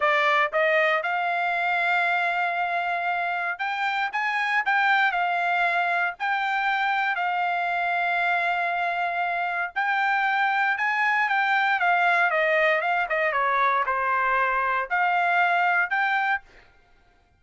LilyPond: \new Staff \with { instrumentName = "trumpet" } { \time 4/4 \tempo 4 = 117 d''4 dis''4 f''2~ | f''2. g''4 | gis''4 g''4 f''2 | g''2 f''2~ |
f''2. g''4~ | g''4 gis''4 g''4 f''4 | dis''4 f''8 dis''8 cis''4 c''4~ | c''4 f''2 g''4 | }